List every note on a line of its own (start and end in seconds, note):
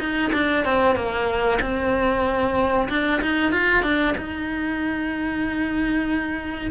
0.00 0.32 D#4
0.33 0.65 D4
0.65 0.96 C4
0.96 1.60 A#3
1.62 2.89 C4
2.90 3.22 D4
3.22 3.53 D#4
3.53 3.83 F4
3.83 4.15 D4
4.18 6.72 D#4